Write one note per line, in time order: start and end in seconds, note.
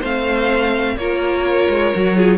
0.00 0.97 A3
0.00 0.99 C4
0.00 0.95 C5
0.00 0.98 F5
0.97 1.68 A#3
0.97 1.95 F4
0.97 2.16 A#4
0.97 2.38 C#5
1.70 1.93 G#3
1.95 2.38 F#3
1.95 2.15 F#4
2.15 2.38 F4
2.15 2.38 G#4